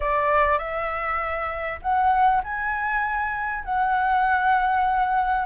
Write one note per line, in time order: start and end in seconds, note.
0.00 0.58 D5
0.58 1.79 E5
1.82 2.42 F#5
2.43 3.64 G#5
3.64 5.45 F#5